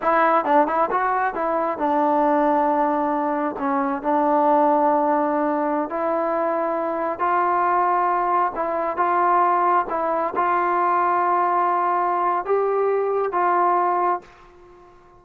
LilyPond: \new Staff \with { instrumentName = "trombone" } { \time 4/4 \tempo 4 = 135 e'4 d'8 e'8 fis'4 e'4 | d'1 | cis'4 d'2.~ | d'4~ d'16 e'2~ e'8.~ |
e'16 f'2. e'8.~ | e'16 f'2 e'4 f'8.~ | f'1 | g'2 f'2 | }